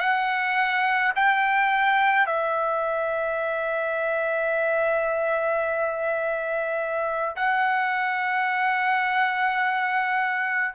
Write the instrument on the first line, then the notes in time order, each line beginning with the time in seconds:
trumpet
0.00 F#5
1.16 G5
2.27 E5
7.36 F#5